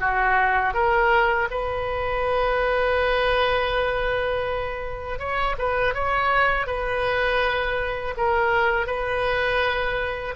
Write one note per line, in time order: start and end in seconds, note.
0.00 0.74 F#4
0.74 1.48 A#4
1.50 5.19 B4
5.19 5.56 C#5
5.58 5.94 B4
5.94 6.66 C#5
6.66 8.14 B4
8.17 8.87 A#4
8.87 10.35 B4